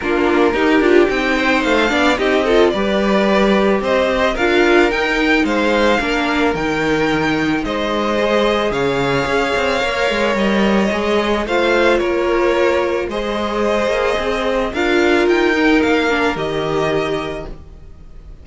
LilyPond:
<<
  \new Staff \with { instrumentName = "violin" } { \time 4/4 \tempo 4 = 110 ais'2 g''4 f''4 | dis''4 d''2 dis''4 | f''4 g''4 f''2 | g''2 dis''2 |
f''2. dis''4~ | dis''4 f''4 cis''2 | dis''2. f''4 | g''4 f''4 dis''2 | }
  \new Staff \with { instrumentName = "violin" } { \time 4/4 f'4 g'4. c''4 d''8 | g'8 a'8 b'2 c''4 | ais'2 c''4 ais'4~ | ais'2 c''2 |
cis''1~ | cis''4 c''4 ais'2 | c''2. ais'4~ | ais'1 | }
  \new Staff \with { instrumentName = "viola" } { \time 4/4 d'4 dis'8 f'8 dis'4. d'8 | dis'8 f'8 g'2. | f'4 dis'2 d'4 | dis'2. gis'4~ |
gis'2 ais'2 | gis'4 f'2. | gis'2. f'4~ | f'8 dis'4 d'8 g'2 | }
  \new Staff \with { instrumentName = "cello" } { \time 4/4 ais4 dis'8 d'8 c'4 a8 b8 | c'4 g2 c'4 | d'4 dis'4 gis4 ais4 | dis2 gis2 |
cis4 cis'8 c'8 ais8 gis8 g4 | gis4 a4 ais2 | gis4. ais8 c'4 d'4 | dis'4 ais4 dis2 | }
>>